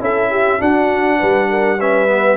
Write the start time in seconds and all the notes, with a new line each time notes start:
0.00 C#4 E4 A4 E5
0.31 G4
0.59 D4 F#4 F#5
1.20 G3 B4
1.50 A#4
1.79 C#4 B4 E5
2.08 B3